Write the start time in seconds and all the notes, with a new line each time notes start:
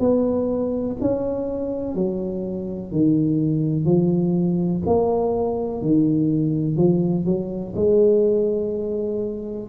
0.00 B3
1.01 C#4
1.95 F#3
2.92 D#3
3.86 F3
4.87 A#3
5.82 D#3
6.77 F3
7.25 F#3
7.76 G#3